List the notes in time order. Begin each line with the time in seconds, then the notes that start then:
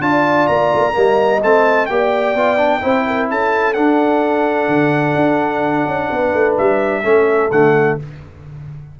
0.00 D4 F4 D5 A5
0.47 A#3 A#5
0.74 A3 A#3
0.92 G3 A#3 D#5
1.43 A3 C4 A5
1.86 A#3 G4 D5 G5
2.34 B3 F4
2.57 D4
2.81 C4 E4 C5
3.07 A#4
3.30 C#4 A4 A5
3.73 D4 F#5
4.68 D3
5.15 D4
5.86 C#4
6.10 B3 B4
6.34 A3
6.58 G3 E5
7.03 A3 C#4 A4
7.51 D3 A3 F#5